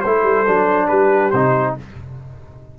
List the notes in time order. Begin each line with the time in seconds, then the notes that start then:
0.00 A3 E4 A4 C5
0.23 G3
0.46 F#3 D4
0.87 G3 G4 B4
1.30 C3 D#4 C5